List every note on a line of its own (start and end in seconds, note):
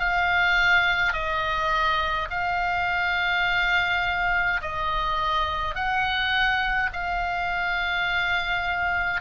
0.00 1.13 F5
1.13 2.29 D#5
2.31 4.62 F5
4.62 5.75 D#5
5.75 6.91 F#5
6.93 9.21 F5